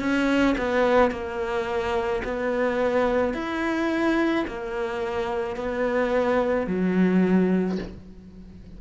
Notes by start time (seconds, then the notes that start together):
0.00 C#4
0.58 B3
1.11 A#3
2.25 B3
3.34 E4
4.47 A#3
5.57 B3
6.67 F#3